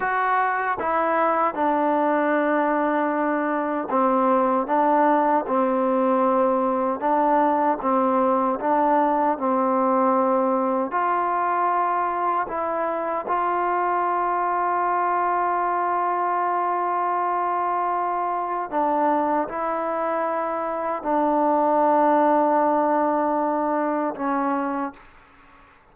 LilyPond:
\new Staff \with { instrumentName = "trombone" } { \time 4/4 \tempo 4 = 77 fis'4 e'4 d'2~ | d'4 c'4 d'4 c'4~ | c'4 d'4 c'4 d'4 | c'2 f'2 |
e'4 f'2.~ | f'1 | d'4 e'2 d'4~ | d'2. cis'4 | }